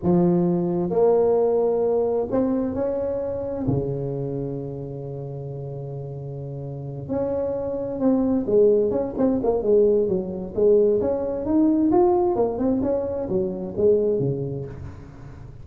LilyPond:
\new Staff \with { instrumentName = "tuba" } { \time 4/4 \tempo 4 = 131 f2 ais2~ | ais4 c'4 cis'2 | cis1~ | cis2.~ cis8 cis'8~ |
cis'4. c'4 gis4 cis'8 | c'8 ais8 gis4 fis4 gis4 | cis'4 dis'4 f'4 ais8 c'8 | cis'4 fis4 gis4 cis4 | }